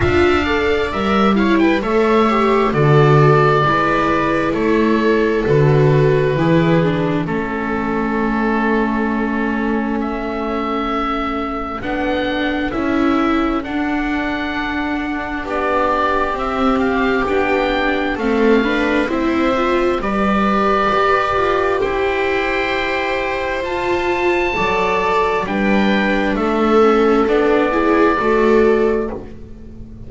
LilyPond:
<<
  \new Staff \with { instrumentName = "oboe" } { \time 4/4 \tempo 4 = 66 f''4 e''8 f''16 g''16 e''4 d''4~ | d''4 cis''4 b'2 | a'2. e''4~ | e''4 fis''4 e''4 fis''4~ |
fis''4 d''4 e''8 f''8 g''4 | f''4 e''4 d''2 | g''2 a''2 | g''4 e''4 d''2 | }
  \new Staff \with { instrumentName = "viola" } { \time 4/4 e''8 d''4 cis''16 b'16 cis''4 a'4 | b'4 a'2 gis'4 | a'1~ | a'1~ |
a'4 g'2. | a'8 b'8 c''4 b'2 | c''2. d''4 | b'4 a'4. gis'8 a'4 | }
  \new Staff \with { instrumentName = "viola" } { \time 4/4 f'8 a'8 ais'8 e'8 a'8 g'8 fis'4 | e'2 fis'4 e'8 d'8 | cis'1~ | cis'4 d'4 e'4 d'4~ |
d'2 c'4 d'4 | c'8 d'8 e'8 f'8 g'2~ | g'2 f'4 a'4 | d'4. cis'8 d'8 e'8 fis'4 | }
  \new Staff \with { instrumentName = "double bass" } { \time 4/4 d'4 g4 a4 d4 | gis4 a4 d4 e4 | a1~ | a4 b4 cis'4 d'4~ |
d'4 b4 c'4 b4 | a4 c'4 g4 g'8 f'8 | e'2 f'4 fis4 | g4 a4 b4 a4 | }
>>